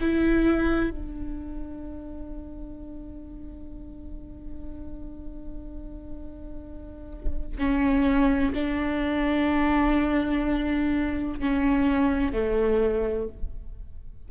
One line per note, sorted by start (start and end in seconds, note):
0.00 0.90 E4
0.90 7.57 D4
7.58 8.53 C#4
8.54 11.39 D4
11.39 12.33 C#4
12.33 13.28 A3